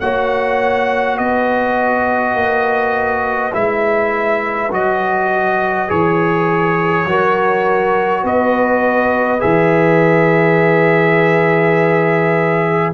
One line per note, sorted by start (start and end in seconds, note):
0.00 1.19 A#3
0.00 3.52 F#4
0.00 1.17 C#5
0.00 1.18 F#5
1.17 2.34 B3
1.17 7.05 B4
1.17 3.53 D#5
2.34 3.52 A#3
3.52 4.71 G#3
3.52 4.70 E4
3.52 4.72 E5
4.71 5.89 F#3
4.71 5.88 F#4
4.71 5.90 D#5
5.88 7.05 E3
5.88 7.06 G#4
5.88 8.25 C#5
7.05 8.23 F#3
7.05 9.39 F#4
7.05 8.23 A#4
8.23 9.41 B3
8.23 12.93 B4
8.23 9.40 D#5
9.39 12.93 E3
9.39 12.92 G#4
9.39 12.93 E5